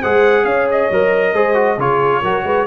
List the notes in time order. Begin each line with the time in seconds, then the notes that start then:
0.00 G#3 G#4 C5 F#5
0.44 C#4 C#5 F5
0.71 D#5
0.90 F#3 A#4
1.33 G#3 G#4 C5
1.53 F#4
1.77 C#3 F4 G#4 C#5
2.21 F#3 F#4 A#4
2.43 G#3 B4